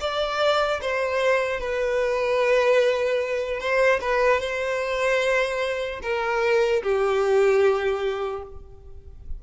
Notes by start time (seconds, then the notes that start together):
0.00 D5
0.81 C5
1.60 B4
3.60 C5
4.00 B4
4.40 C5
6.02 A#4
6.83 G4